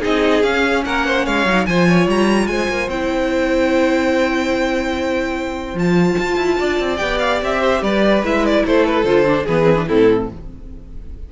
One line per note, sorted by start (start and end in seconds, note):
0.00 0.43 C4
0.00 0.42 D#4
0.00 0.82 G#4
0.00 0.42 D#5
0.42 0.84 C#4
0.42 1.47 C#4
0.42 0.83 F5
0.85 1.26 A#3
0.85 1.05 A#4
0.85 1.26 F#5
1.05 1.25 C5
1.25 1.45 G#3
1.25 1.66 C#5
1.25 1.66 F5
1.45 1.66 F#3
1.45 1.68 D#4
1.66 2.07 F3
1.66 2.91 F4
1.66 1.88 C5
1.66 2.07 G#5
1.88 2.49 C#5
2.07 2.47 G3
2.07 2.47 A#5
2.47 2.68 G#3
2.47 6.59 C5
2.47 2.88 G#5
2.69 2.88 A#3
2.88 5.74 C4
2.88 5.77 E4
2.88 5.78 G5
5.74 6.15 F3
5.74 6.97 F4
5.74 6.97 A5
6.18 6.37 F4
6.37 6.57 E4
6.59 6.79 D4
6.59 7.60 D5
6.79 7.00 C4
6.97 7.42 B3
6.97 8.20 G4
6.97 7.17 G5
7.18 7.39 F5
7.42 7.82 C4
7.42 7.83 E5
7.60 7.81 C5
7.82 8.22 G3
7.82 8.65 B4
7.82 8.24 D5
8.22 8.64 G#3
8.22 9.05 E4
8.22 8.45 E5
8.45 8.66 D5
8.65 9.04 A3
8.65 9.44 A4
8.65 8.86 C5
8.86 9.05 B4
9.04 9.45 D3
9.04 9.26 F4
9.04 9.46 C5
9.26 9.47 D4
9.44 9.89 E3
9.44 9.64 B3
9.44 9.85 G#4
9.44 9.88 B4
9.64 9.74 C4
9.76 9.86 D4
9.88 10.32 A2
9.88 10.29 C4
9.88 10.29 E4
9.88 10.29 A4